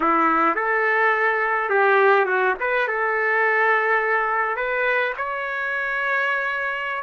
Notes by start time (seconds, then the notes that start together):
0.00 E4
0.55 A4
1.69 G4
2.25 F#4
2.59 B4
2.87 A4
4.56 B4
5.17 C#5